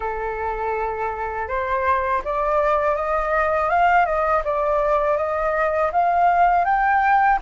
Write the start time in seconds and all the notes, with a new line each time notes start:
0.00 A4
1.47 C5
2.24 D5
2.95 D#5
3.69 F5
4.05 D#5
4.44 D5
5.17 D#5
5.92 F5
6.65 G5